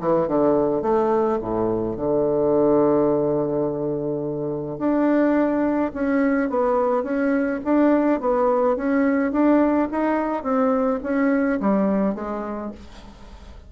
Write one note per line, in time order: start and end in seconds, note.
0.00 0.28 E3
0.28 0.82 D3
0.82 1.38 A3
1.41 1.96 A2
1.96 4.78 D3
4.78 5.91 D4
5.93 6.49 C#4
6.49 7.03 B3
7.03 7.60 C#4
7.64 8.20 D4
8.20 8.76 B3
8.76 9.32 C#4
9.32 9.89 D4
9.91 10.43 D#4
10.43 10.99 C4
11.03 11.60 C#4
11.60 12.15 G3
12.15 12.71 G#3